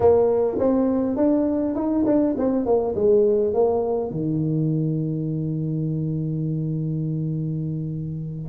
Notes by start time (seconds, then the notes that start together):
0.00 A#3
0.58 C4
1.16 D4
1.75 D#4
2.06 D4
2.38 C4
2.65 A#3
2.95 G#3
3.53 A#3
4.10 D#3